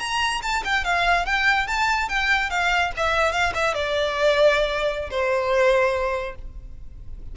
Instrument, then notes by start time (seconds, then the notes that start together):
violin
0.00 A#5
0.43 A5
0.65 G5
0.85 F5
1.26 G5
1.68 A5
2.09 G5
2.50 F5
2.97 E5
3.32 F5
3.55 E5
3.75 D5
5.11 C5